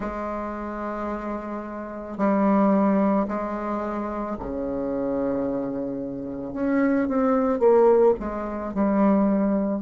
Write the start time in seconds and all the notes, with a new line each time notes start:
0.00 G#3
2.17 G3
3.27 G#3
4.39 C#3
6.53 C#4
7.08 C4
7.59 A#3
8.19 G#3
8.73 G3